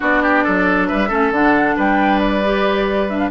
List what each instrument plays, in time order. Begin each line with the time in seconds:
0.00 bassoon B3, clarinet D4, oboe F#4, flute D5
0.22 oboe G4
0.43 bassoon F#3, oboe A4
0.87 bassoon G3, oboe B4, flute E5
1.08 bassoon A3, clarinet C#4, oboe A4
1.31 bassoon D3, clarinet D4, flute F#5
1.76 bassoon G3, oboe B4, flute G5
2.19 flute D5
2.44 clarinet G4
3.09 clarinet D4, flute E5
3.18 flute F5